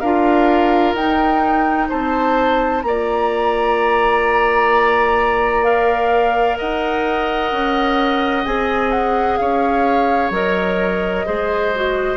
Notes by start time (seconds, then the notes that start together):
0.00 D4 F4 A#4 F5
0.94 D#4 G5
1.89 C4 C5 A5
2.83 A#3 F4 D5 A#5
5.63 A#4 F5
6.58 D#4 D#5 F#5
7.52 C#4
8.45 C4 G#4 G#5
8.91 F#5
9.37 C#4 C#5 F5
10.30 F#3 A#4 D#5
11.26 G#3 G#4 C5
11.75 F#4